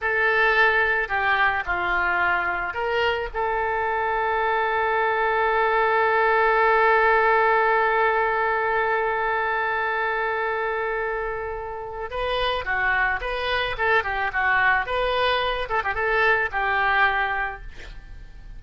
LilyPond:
\new Staff \with { instrumentName = "oboe" } { \time 4/4 \tempo 4 = 109 a'2 g'4 f'4~ | f'4 ais'4 a'2~ | a'1~ | a'1~ |
a'1~ | a'2 b'4 fis'4 | b'4 a'8 g'8 fis'4 b'4~ | b'8 a'16 g'16 a'4 g'2 | }